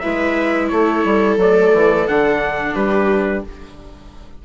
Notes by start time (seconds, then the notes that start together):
0.00 G#3 E4 B4 E5
0.69 A3 A4 C#5
1.05 G3
1.37 F#3 A3 D5
1.74 E3
2.08 D3 D4 F#5
2.75 G3 G4 B4